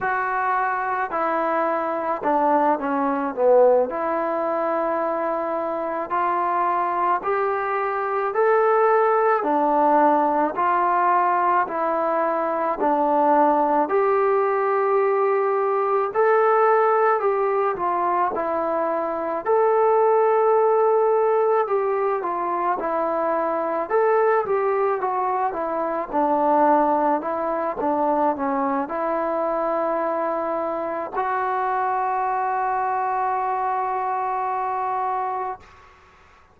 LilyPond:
\new Staff \with { instrumentName = "trombone" } { \time 4/4 \tempo 4 = 54 fis'4 e'4 d'8 cis'8 b8 e'8~ | e'4. f'4 g'4 a'8~ | a'8 d'4 f'4 e'4 d'8~ | d'8 g'2 a'4 g'8 |
f'8 e'4 a'2 g'8 | f'8 e'4 a'8 g'8 fis'8 e'8 d'8~ | d'8 e'8 d'8 cis'8 e'2 | fis'1 | }